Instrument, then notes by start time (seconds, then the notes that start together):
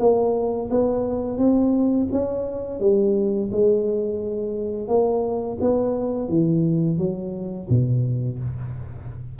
tuba
0.00 A#3
0.71 B3
1.38 C4
2.12 C#4
2.80 G3
3.52 G#3
4.88 A#3
5.61 B3
6.29 E3
6.98 F#3
7.70 B2